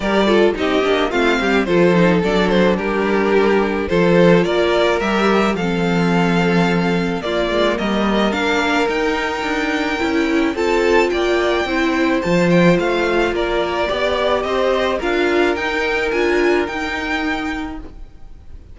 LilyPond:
<<
  \new Staff \with { instrumentName = "violin" } { \time 4/4 \tempo 4 = 108 d''4 dis''4 f''4 c''4 | d''8 c''8 ais'2 c''4 | d''4 e''4 f''2~ | f''4 d''4 dis''4 f''4 |
g''2. a''4 | g''2 a''8 g''8 f''4 | d''2 dis''4 f''4 | g''4 gis''4 g''2 | }
  \new Staff \with { instrumentName = "violin" } { \time 4/4 ais'8 a'8 g'4 f'8 g'8 a'4~ | a'4 g'2 a'4 | ais'2 a'2~ | a'4 f'4 ais'2~ |
ais'2. a'4 | d''4 c''2. | ais'4 d''4 c''4 ais'4~ | ais'1 | }
  \new Staff \with { instrumentName = "viola" } { \time 4/4 g'8 f'8 dis'8 d'8 c'4 f'8 dis'8 | d'2. f'4~ | f'4 g'4 c'2~ | c'4 ais2 d'4 |
dis'2 e'4 f'4~ | f'4 e'4 f'2~ | f'4 g'2 f'4 | dis'4 f'4 dis'2 | }
  \new Staff \with { instrumentName = "cello" } { \time 4/4 g4 c'8 ais8 a8 g8 f4 | fis4 g2 f4 | ais4 g4 f2~ | f4 ais8 gis8 g4 ais4 |
dis'4 d'4 cis'4 c'4 | ais4 c'4 f4 a4 | ais4 b4 c'4 d'4 | dis'4 d'4 dis'2 | }
>>